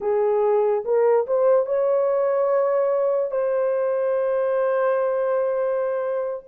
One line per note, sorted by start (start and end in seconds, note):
0.00 0.84 G#4
0.84 1.26 A#4
1.26 1.66 C5
1.66 3.31 C#5
3.31 6.43 C5